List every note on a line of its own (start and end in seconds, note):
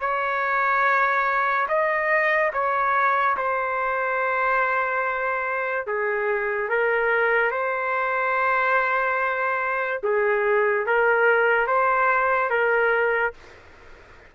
0.00 1.67 C#5
1.68 2.52 D#5
2.53 3.36 C#5
3.36 5.86 C5
5.87 6.69 G#4
6.69 7.51 A#4
7.51 10.01 C5
10.03 10.86 G#4
10.86 11.67 A#4
11.67 12.50 C5
12.50 13.33 A#4